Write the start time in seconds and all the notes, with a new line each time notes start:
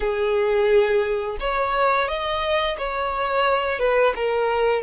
0.00 G#4
1.39 C#5
2.08 D#5
2.77 C#5
3.79 B4
4.15 A#4